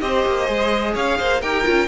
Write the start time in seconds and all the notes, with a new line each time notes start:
0.00 C4 G4 C5 D#5
0.26 A#3
0.46 G#3 G#4
0.94 C#4 C#5 F5
1.18 A#3 C5
1.41 D#4 G4 A#4 G5
1.64 C#4 F4